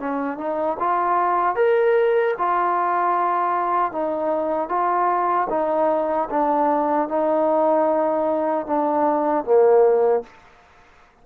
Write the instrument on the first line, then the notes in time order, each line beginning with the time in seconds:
trombone
0.00 C#4
0.38 D#4
0.80 F4
1.56 A#4
2.38 F4
3.93 D#4
4.69 F4
5.50 D#4
6.31 D4
7.09 D#4
8.67 D4
9.45 A#3